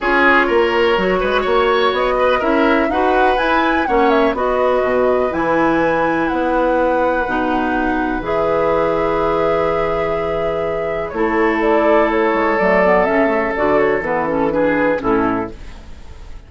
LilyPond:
<<
  \new Staff \with { instrumentName = "flute" } { \time 4/4 \tempo 4 = 124 cis''1 | dis''4 e''4 fis''4 gis''4 | fis''8 e''8 dis''2 gis''4~ | gis''4 fis''2.~ |
fis''4 e''2.~ | e''2. cis''4 | d''4 cis''4 d''4 e''4 | d''8 cis''8 b'8 a'8 b'4 a'4 | }
  \new Staff \with { instrumentName = "oboe" } { \time 4/4 gis'4 ais'4. b'8 cis''4~ | cis''8 b'8 ais'4 b'2 | cis''4 b'2.~ | b'1~ |
b'1~ | b'2. a'4~ | a'1~ | a'2 gis'4 e'4 | }
  \new Staff \with { instrumentName = "clarinet" } { \time 4/4 f'2 fis'2~ | fis'4 e'4 fis'4 e'4 | cis'4 fis'2 e'4~ | e'2. dis'4~ |
dis'4 gis'2.~ | gis'2. e'4~ | e'2 a8 b8 cis'8 a8 | fis'4 b8 cis'8 d'4 cis'4 | }
  \new Staff \with { instrumentName = "bassoon" } { \time 4/4 cis'4 ais4 fis8 gis8 ais4 | b4 cis'4 dis'4 e'4 | ais4 b4 b,4 e4~ | e4 b2 b,4~ |
b,4 e2.~ | e2. a4~ | a4. gis8 fis4 cis4 | d4 e2 a,4 | }
>>